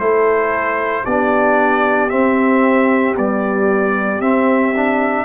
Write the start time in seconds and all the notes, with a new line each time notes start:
0.00 A3 E4 A4 C5
1.04 B3 D4 G4 D5
2.10 C4 E5
3.16 G3 B3 D5
4.21 C4 E5
4.76 D4